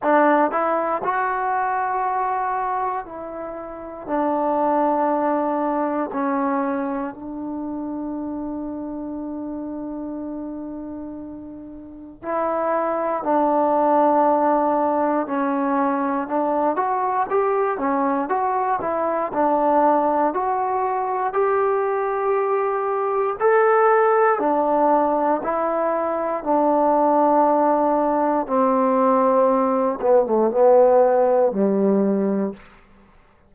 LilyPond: \new Staff \with { instrumentName = "trombone" } { \time 4/4 \tempo 4 = 59 d'8 e'8 fis'2 e'4 | d'2 cis'4 d'4~ | d'1 | e'4 d'2 cis'4 |
d'8 fis'8 g'8 cis'8 fis'8 e'8 d'4 | fis'4 g'2 a'4 | d'4 e'4 d'2 | c'4. b16 a16 b4 g4 | }